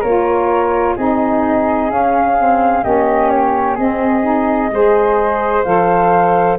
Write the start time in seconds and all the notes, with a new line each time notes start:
0.00 A#3 F4 A#4 C#5
0.96 C4 D#4 G#4 D#5
1.89 C#4 F5
2.37 C4
2.83 A#3 C#4 G4 D#5
3.29 C#5
3.75 C4 G#4 D#5
4.22 D#4
4.71 G#3 G#4 C5
5.63 F3 A4 F5